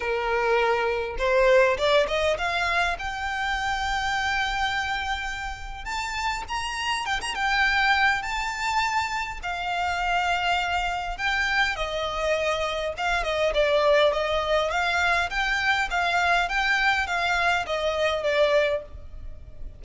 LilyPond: \new Staff \with { instrumentName = "violin" } { \time 4/4 \tempo 4 = 102 ais'2 c''4 d''8 dis''8 | f''4 g''2.~ | g''2 a''4 ais''4 | g''16 ais''16 g''4. a''2 |
f''2. g''4 | dis''2 f''8 dis''8 d''4 | dis''4 f''4 g''4 f''4 | g''4 f''4 dis''4 d''4 | }